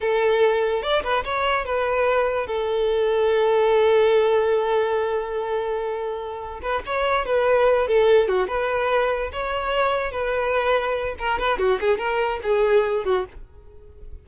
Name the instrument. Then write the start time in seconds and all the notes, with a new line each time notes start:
violin
0.01 A4
0.82 D5
1.03 B4
1.24 C#5
1.65 B4
2.46 A4
6.62 B4
6.86 C#5
7.25 B4
7.87 A4
8.28 F#4
8.47 B4
9.32 C#5
10.11 B4
11.18 A#4
11.38 B4
11.58 F#4
11.80 G#4
11.98 A#4
12.42 G#4
13.04 F#4